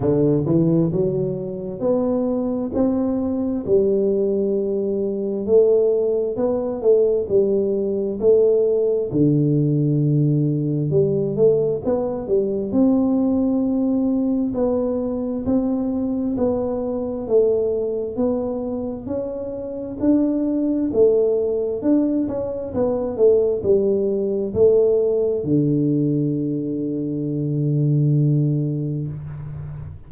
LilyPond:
\new Staff \with { instrumentName = "tuba" } { \time 4/4 \tempo 4 = 66 d8 e8 fis4 b4 c'4 | g2 a4 b8 a8 | g4 a4 d2 | g8 a8 b8 g8 c'2 |
b4 c'4 b4 a4 | b4 cis'4 d'4 a4 | d'8 cis'8 b8 a8 g4 a4 | d1 | }